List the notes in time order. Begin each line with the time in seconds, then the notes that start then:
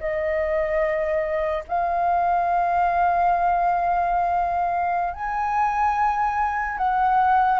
0.00 D#5
1.68 F5
5.14 G#5
6.78 F#5